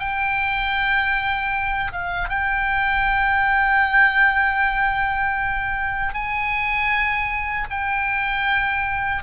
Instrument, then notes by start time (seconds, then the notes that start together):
oboe
0.00 G5
1.92 F5
2.30 G5
6.14 G#5
7.71 G5